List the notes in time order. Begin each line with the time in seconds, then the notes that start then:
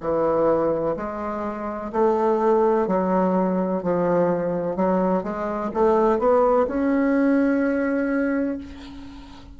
0.00 E3
0.96 G#3
1.92 A3
2.87 F#3
3.82 F3
4.76 F#3
5.23 G#3
5.73 A3
6.19 B3
6.67 C#4